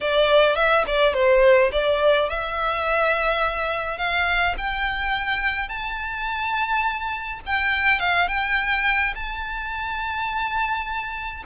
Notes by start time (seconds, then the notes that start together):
0.00 D5
0.55 E5
0.86 D5
1.13 C5
1.72 D5
2.29 E5
3.98 F5
4.57 G5
5.68 A5
7.45 G5
7.99 F5
8.28 G5
9.14 A5